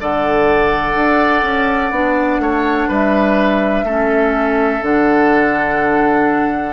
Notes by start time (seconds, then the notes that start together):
0.00 D3 A4 D5 F#5
0.95 D4
1.43 C#4
1.91 B3 D4
2.39 A3 C#5
2.88 G3 B4 E5
3.83 A3 C#4 A4
4.82 D3 D4 F#5